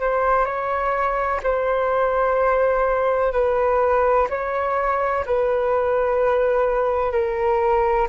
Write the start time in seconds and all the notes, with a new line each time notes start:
0.00 C5
0.45 C#5
1.43 C5
3.32 B4
4.29 C#5
5.25 B4
7.12 A#4